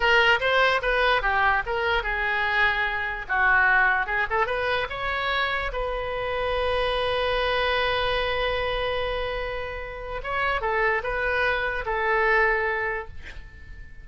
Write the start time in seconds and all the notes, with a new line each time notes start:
0.00 A#4
0.40 C5
0.82 B4
1.22 G4
1.66 A#4
2.03 G#4
3.28 F#4
4.06 G#4
4.29 A4
4.46 B4
4.89 C#5
5.72 B4
10.23 C#5
10.61 A4
11.03 B4
11.85 A4